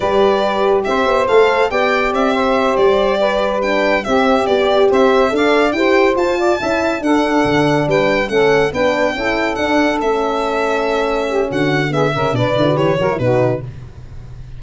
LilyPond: <<
  \new Staff \with { instrumentName = "violin" } { \time 4/4 \tempo 4 = 141 d''2 e''4 f''4 | g''4 e''4. d''4.~ | d''8 g''4 e''4 d''4 e''8~ | e''8 f''4 g''4 a''4.~ |
a''8 fis''2 g''4 fis''8~ | fis''8 g''2 fis''4 e''8~ | e''2. fis''4 | e''4 d''4 cis''4 b'4 | }
  \new Staff \with { instrumentName = "saxophone" } { \time 4/4 b'2 c''2 | d''4. c''2 b'8~ | b'4. g'2 c''8~ | c''8 d''4 c''4. d''8 e''8~ |
e''8 a'2 b'4 a'8~ | a'8 b'4 a'2~ a'8~ | a'2~ a'8 g'8 fis'4 | gis'8 ais'8 b'4. ais'8 fis'4 | }
  \new Staff \with { instrumentName = "horn" } { \time 4/4 g'2. a'4 | g'1~ | g'8 d'4 c'4 g'4.~ | g'8 a'4 g'4 f'4 e'8~ |
e'8 d'2. cis'8~ | cis'8 d'4 e'4 d'4 cis'8~ | cis'1 | b8 cis'8 d'8 e'16 fis'16 g'8 fis'16 e'16 dis'4 | }
  \new Staff \with { instrumentName = "tuba" } { \time 4/4 g2 c'8 b8 a4 | b4 c'4. g4.~ | g4. c'4 b4 c'8~ | c'8 d'4 e'4 f'4 cis'8~ |
cis'8 d'4 d4 g4 a8~ | a8 b4 cis'4 d'4 a8~ | a2. d4~ | d8 cis8 b,8 d8 e8 fis8 b,4 | }
>>